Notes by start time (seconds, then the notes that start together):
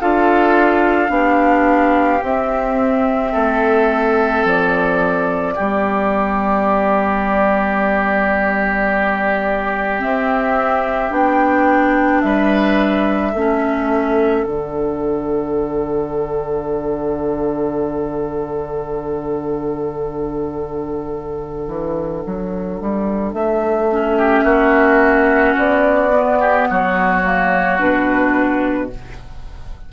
0.00 D4 F4 A4 F5
1.07 B3 D4 G4
2.22 C4 E5
3.31 A3 A4
4.44 F3 D5
5.55 G3 B3 G4
9.99 C4 E5
11.10 B3 D4 G5
12.21 G3 B4 E5
13.31 A3 C#4 A4
14.43 D3 D4 F#5
21.67 E3
22.26 F#3
22.80 G3
23.33 A3 E5
23.91 C#4
24.17 G4
24.43 A#3 F#4
25.57 B3 D5
26.12 B3
26.40 G4
26.69 F#3 F#4 C#5
27.23 A#3
27.78 B2 D4 B4